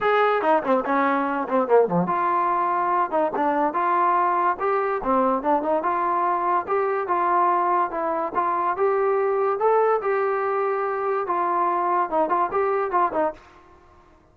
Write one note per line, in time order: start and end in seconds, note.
0.00 0.42 G#4
0.42 0.62 D#4
0.63 0.84 C4
0.85 1.47 C#4
1.48 1.67 C4
1.67 1.87 A#3
1.87 2.06 F3
2.06 3.10 F4
3.10 3.31 D#4
3.35 3.73 D4
3.73 4.56 F4
4.59 5.01 G4
5.03 5.42 C4
5.42 5.62 D4
5.62 5.82 D#4
5.82 6.66 F4
6.67 7.07 G4
7.07 7.91 F4
7.91 8.32 E4
8.34 8.76 F4
8.76 9.59 G4
9.59 10.00 A4
10.01 11.26 G4
11.27 12.09 F4
12.09 12.29 D#4
12.29 12.50 F4
12.51 12.91 G4
12.91 13.12 F4
13.12 13.33 D#4